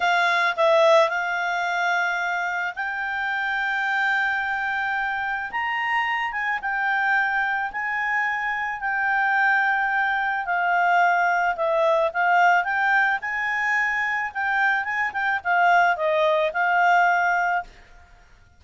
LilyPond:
\new Staff \with { instrumentName = "clarinet" } { \time 4/4 \tempo 4 = 109 f''4 e''4 f''2~ | f''4 g''2.~ | g''2 ais''4. gis''8 | g''2 gis''2 |
g''2. f''4~ | f''4 e''4 f''4 g''4 | gis''2 g''4 gis''8 g''8 | f''4 dis''4 f''2 | }